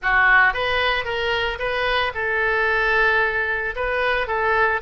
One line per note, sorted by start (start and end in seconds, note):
0.02 0.53 F#4
0.53 1.04 B4
1.04 1.58 A#4
1.59 2.12 B4
2.14 3.75 A4
3.75 4.27 B4
4.27 4.80 A4